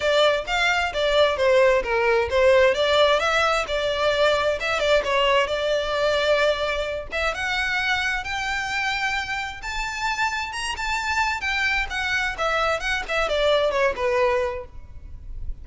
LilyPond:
\new Staff \with { instrumentName = "violin" } { \time 4/4 \tempo 4 = 131 d''4 f''4 d''4 c''4 | ais'4 c''4 d''4 e''4 | d''2 e''8 d''8 cis''4 | d''2.~ d''8 e''8 |
fis''2 g''2~ | g''4 a''2 ais''8 a''8~ | a''4 g''4 fis''4 e''4 | fis''8 e''8 d''4 cis''8 b'4. | }